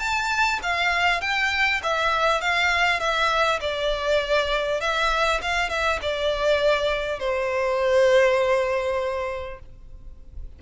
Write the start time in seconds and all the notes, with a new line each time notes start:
0.00 A5
0.63 F5
1.22 G5
1.84 E5
2.42 F5
3.00 E5
3.61 D5
4.81 E5
5.42 F5
5.70 E5
6.02 D5
7.20 C5